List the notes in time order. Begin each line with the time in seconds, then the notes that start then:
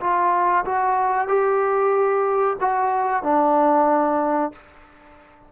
0.00 F4
0.65 F#4
1.28 G4
2.60 F#4
3.23 D4